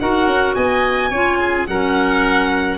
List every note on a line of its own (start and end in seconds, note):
0.00 0.27 D#4
0.00 1.12 F#4
0.00 0.56 A#4
0.00 0.55 F#5
0.27 0.55 C#4
0.55 1.12 B3
0.55 1.11 D#5
0.55 1.67 G#5
1.11 1.68 C#4
1.11 1.70 F4
1.11 1.39 C#5
1.40 1.68 G#4
1.67 2.79 F#3
1.67 2.79 C#4
1.67 2.79 A#4
1.67 2.79 F#5